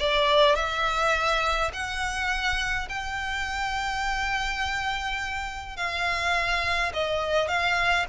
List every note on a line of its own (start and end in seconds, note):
0.00 0.56 D5
0.56 1.71 E5
1.73 2.88 F#5
2.89 5.77 G5
5.77 6.92 F5
6.93 7.48 D#5
7.48 8.06 F5